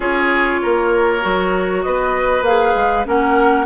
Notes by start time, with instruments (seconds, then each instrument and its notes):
0.00 bassoon C#4, clarinet F4, oboe G#4, flute C#5
0.62 bassoon A#3, oboe A#4
1.21 bassoon F#3, clarinet F#4
1.82 bassoon B3, oboe B4, flute D#5
2.41 bassoon A#3, clarinet G#4, flute F5
2.74 bassoon G#3
3.05 bassoon A#3, clarinet C#4, oboe A#4, flute F#5